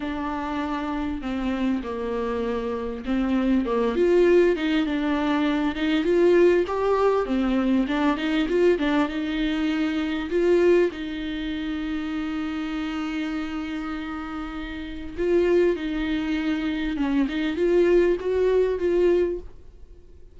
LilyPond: \new Staff \with { instrumentName = "viola" } { \time 4/4 \tempo 4 = 99 d'2 c'4 ais4~ | ais4 c'4 ais8 f'4 dis'8 | d'4. dis'8 f'4 g'4 | c'4 d'8 dis'8 f'8 d'8 dis'4~ |
dis'4 f'4 dis'2~ | dis'1~ | dis'4 f'4 dis'2 | cis'8 dis'8 f'4 fis'4 f'4 | }